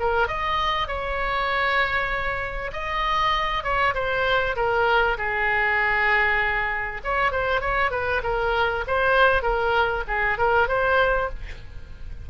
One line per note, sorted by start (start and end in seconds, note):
0.00 0.28 A#4
0.28 0.88 D#5
0.88 2.71 C#5
2.73 3.64 D#5
3.64 3.94 C#5
3.95 4.56 C5
4.56 5.18 A#4
5.18 7.02 G#4
7.04 7.32 C#5
7.32 7.61 C5
7.61 7.91 C#5
7.91 8.22 B4
8.23 8.85 A#4
8.88 9.43 C5
9.43 10.04 A#4
10.08 10.38 G#4
10.38 10.68 A#4
10.68 11.30 C5